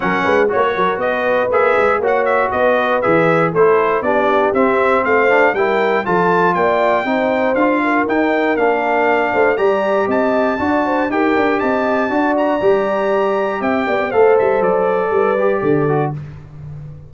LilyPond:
<<
  \new Staff \with { instrumentName = "trumpet" } { \time 4/4 \tempo 4 = 119 fis''4 cis''4 dis''4 e''4 | fis''8 e''8 dis''4 e''4 c''4 | d''4 e''4 f''4 g''4 | a''4 g''2 f''4 |
g''4 f''2 ais''4 | a''2 g''4 a''4~ | a''8 ais''2~ ais''8 g''4 | f''8 e''8 d''2. | }
  \new Staff \with { instrumentName = "horn" } { \time 4/4 ais'8 b'8 cis''8 ais'8 b'2 | cis''4 b'2 a'4 | g'2 c''4 ais'4 | a'4 d''4 c''4. ais'8~ |
ais'2~ ais'8 c''8 d''4 | dis''4 d''8 c''8 ais'4 dis''4 | d''2. e''8 d''8 | c''2 b'4 a'4 | }
  \new Staff \with { instrumentName = "trombone" } { \time 4/4 cis'4 fis'2 gis'4 | fis'2 gis'4 e'4 | d'4 c'4. d'8 e'4 | f'2 dis'4 f'4 |
dis'4 d'2 g'4~ | g'4 fis'4 g'2 | fis'4 g'2. | a'2~ a'8 g'4 fis'8 | }
  \new Staff \with { instrumentName = "tuba" } { \time 4/4 fis8 gis8 ais8 fis8 b4 ais8 gis8 | ais4 b4 e4 a4 | b4 c'4 a4 g4 | f4 ais4 c'4 d'4 |
dis'4 ais4. a8 g4 | c'4 d'4 dis'8 d'8 c'4 | d'4 g2 c'8 b8 | a8 g8 fis4 g4 d4 | }
>>